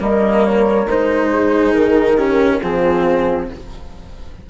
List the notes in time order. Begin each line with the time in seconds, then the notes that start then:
0.00 G3 A#3 A#4 D#5
0.45 C#5
0.86 G#3 D#4 C5
1.33 G#4
1.73 D#3 A#4
2.17 C#4 G4
2.61 F3 C4 F4 G#4